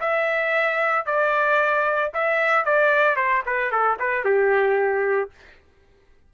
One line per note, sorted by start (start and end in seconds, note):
0.00 1.06 E5
1.06 2.12 D5
2.14 2.65 E5
2.65 3.16 D5
3.16 3.43 C5
3.46 3.71 B4
3.71 3.98 A4
3.99 4.25 B4
4.25 5.31 G4